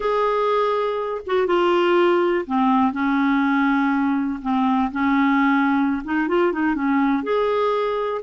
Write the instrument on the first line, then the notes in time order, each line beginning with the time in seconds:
clarinet
0.00 G#4
1.26 F#4
1.46 F4
2.46 C4
2.92 C#4
4.42 C4
4.91 C#4
6.04 D#4
6.28 F4
6.52 D#4
6.75 C#4
7.23 G#4